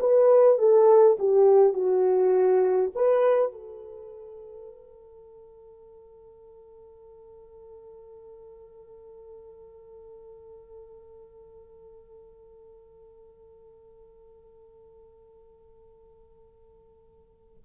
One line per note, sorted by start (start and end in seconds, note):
0.00 0.58 B4
0.58 1.17 A4
1.19 1.73 G4
1.73 2.91 F#4
2.95 3.52 B4
3.52 17.64 A4